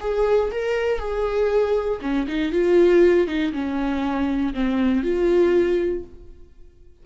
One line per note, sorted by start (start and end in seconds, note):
0.00 0.50 G#4
0.51 0.98 A#4
0.98 1.99 G#4
2.01 2.27 C#4
2.27 2.52 D#4
2.52 3.27 F4
3.27 3.52 D#4
3.52 4.53 C#4
4.54 5.03 C4
5.03 6.03 F4